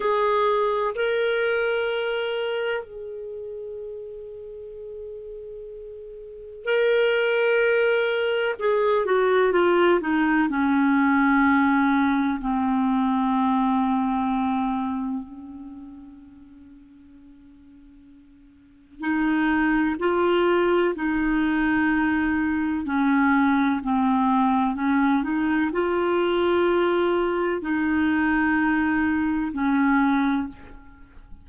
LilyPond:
\new Staff \with { instrumentName = "clarinet" } { \time 4/4 \tempo 4 = 63 gis'4 ais'2 gis'4~ | gis'2. ais'4~ | ais'4 gis'8 fis'8 f'8 dis'8 cis'4~ | cis'4 c'2. |
cis'1 | dis'4 f'4 dis'2 | cis'4 c'4 cis'8 dis'8 f'4~ | f'4 dis'2 cis'4 | }